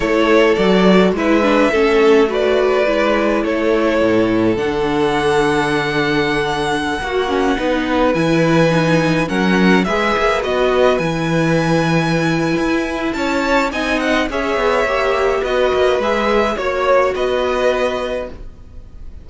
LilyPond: <<
  \new Staff \with { instrumentName = "violin" } { \time 4/4 \tempo 4 = 105 cis''4 d''4 e''2 | d''2 cis''2 | fis''1~ | fis''2~ fis''16 gis''4.~ gis''16~ |
gis''16 fis''4 e''4 dis''4 gis''8.~ | gis''2. a''4 | gis''8 fis''8 e''2 dis''4 | e''4 cis''4 dis''2 | }
  \new Staff \with { instrumentName = "violin" } { \time 4/4 a'2 b'4 a'4 | b'2 a'2~ | a'1~ | a'16 fis'4 b'2~ b'8.~ |
b'16 ais'4 b'2~ b'8.~ | b'2. cis''4 | dis''4 cis''2 b'4~ | b'4 cis''4 b'2 | }
  \new Staff \with { instrumentName = "viola" } { \time 4/4 e'4 fis'4 e'8 d'8 cis'4 | fis'4 e'2. | d'1~ | d'16 fis'8 cis'8 dis'4 e'4 dis'8.~ |
dis'16 cis'4 gis'4 fis'4 e'8.~ | e'1 | dis'4 gis'4 g'4 fis'4 | gis'4 fis'2. | }
  \new Staff \with { instrumentName = "cello" } { \time 4/4 a4 fis4 gis4 a4~ | a4 gis4 a4 a,4 | d1~ | d16 ais4 b4 e4.~ e16~ |
e16 fis4 gis8 ais8 b4 e8.~ | e2 e'4 cis'4 | c'4 cis'8 b8 ais4 b8 ais8 | gis4 ais4 b2 | }
>>